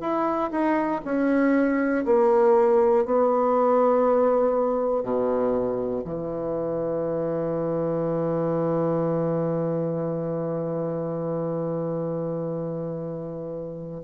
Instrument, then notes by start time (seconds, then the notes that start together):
bassoon
0.00 E4
0.51 D#4
1.04 C#4
2.05 A#3
3.05 B3
5.03 B2
6.04 E3